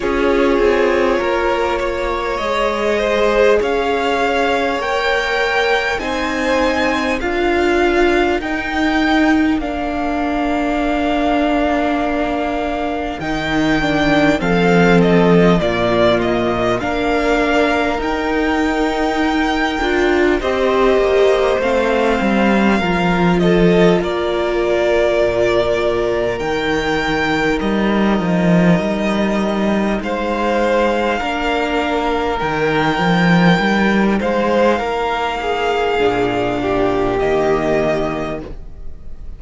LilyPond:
<<
  \new Staff \with { instrumentName = "violin" } { \time 4/4 \tempo 4 = 50 cis''2 dis''4 f''4 | g''4 gis''4 f''4 g''4 | f''2. g''4 | f''8 dis''8 d''8 dis''8 f''4 g''4~ |
g''4 dis''4 f''4. dis''8 | d''2 g''4 dis''4~ | dis''4 f''2 g''4~ | g''8 f''2~ f''8 dis''4 | }
  \new Staff \with { instrumentName = "violin" } { \time 4/4 gis'4 ais'8 cis''4 c''8 cis''4~ | cis''4 c''4 ais'2~ | ais'1 | a'4 f'4 ais'2~ |
ais'4 c''2 ais'8 a'8 | ais'1~ | ais'4 c''4 ais'2~ | ais'8 c''8 ais'8 gis'4 g'4. | }
  \new Staff \with { instrumentName = "viola" } { \time 4/4 f'2 gis'2 | ais'4 dis'4 f'4 dis'4 | d'2. dis'8 d'8 | c'4 ais4 d'4 dis'4~ |
dis'8 f'8 g'4 c'4 f'4~ | f'2 dis'2~ | dis'2 d'4 dis'4~ | dis'2 d'4 ais4 | }
  \new Staff \with { instrumentName = "cello" } { \time 4/4 cis'8 c'8 ais4 gis4 cis'4 | ais4 c'4 d'4 dis'4 | ais2. dis4 | f4 ais,4 ais4 dis'4~ |
dis'8 d'8 c'8 ais8 a8 g8 f4 | ais4 ais,4 dis4 g8 f8 | g4 gis4 ais4 dis8 f8 | g8 gis8 ais4 ais,4 dis4 | }
>>